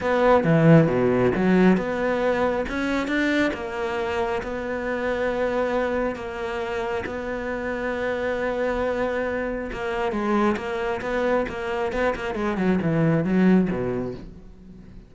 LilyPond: \new Staff \with { instrumentName = "cello" } { \time 4/4 \tempo 4 = 136 b4 e4 b,4 fis4 | b2 cis'4 d'4 | ais2 b2~ | b2 ais2 |
b1~ | b2 ais4 gis4 | ais4 b4 ais4 b8 ais8 | gis8 fis8 e4 fis4 b,4 | }